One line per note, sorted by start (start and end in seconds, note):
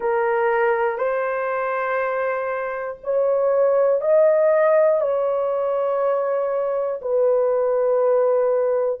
0.00 0.98 A#4
0.98 2.98 C5
3.03 4.01 C#5
4.01 5.00 D#5
5.00 7.00 C#5
7.01 9.00 B4